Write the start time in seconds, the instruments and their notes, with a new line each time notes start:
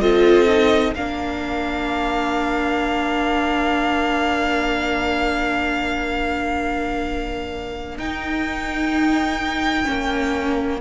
0.00 cello C4, viola F4, violin A4 D#5
0.48 viola D#4
0.95 cello A#3, viola D4, violin A#4 F5
7.97 cello D#4, viola D#4, violin G5
9.84 cello A#3, viola C#4